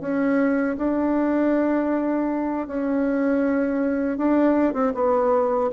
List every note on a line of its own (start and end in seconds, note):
0.00 0.76 C#4
0.77 2.67 D4
2.67 4.17 C#4
4.17 4.73 D4
4.73 4.92 C4
4.94 5.70 B3